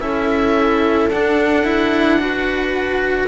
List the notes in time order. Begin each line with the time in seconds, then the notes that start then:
0.00 C#4 E4 A4 E5
1.08 D4 F#5
1.65 E4
2.20 F#4 B4